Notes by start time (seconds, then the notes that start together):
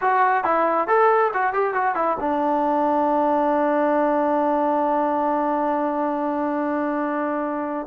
0.01 F#4
0.44 E4
0.87 A4
1.33 F#4
1.53 G4
1.74 F#4
1.95 E4
2.20 D4